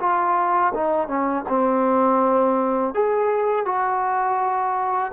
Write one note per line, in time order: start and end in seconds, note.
0.00 0.73 F4
0.75 1.08 D#4
1.08 1.45 C#4
1.49 2.94 C4
2.94 3.66 G#4
3.66 5.12 F#4